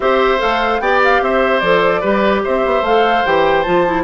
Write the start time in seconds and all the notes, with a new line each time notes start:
0.00 C4 G4 C5 E5
0.38 A3 A4 F5
0.80 B3 G4 D5 G5
1.04 F5
1.21 C4 C5 E5
1.59 F3 A4 D5
2.01 G3 G4 B4
2.43 C4 C5 E5
2.65 B3
2.82 A3 A4 F5
3.25 E3 G4 G5
3.62 F3 F4 A5
3.85 E4